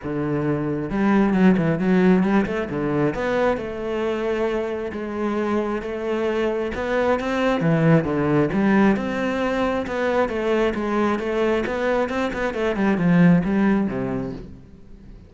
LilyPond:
\new Staff \with { instrumentName = "cello" } { \time 4/4 \tempo 4 = 134 d2 g4 fis8 e8 | fis4 g8 a8 d4 b4 | a2. gis4~ | gis4 a2 b4 |
c'4 e4 d4 g4 | c'2 b4 a4 | gis4 a4 b4 c'8 b8 | a8 g8 f4 g4 c4 | }